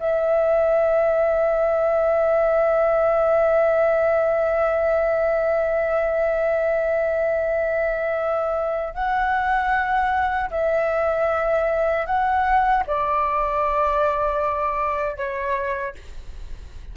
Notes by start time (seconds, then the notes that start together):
0.00 E5
8.94 F#5
10.51 E5
12.06 F#5
12.87 D5
15.17 C#5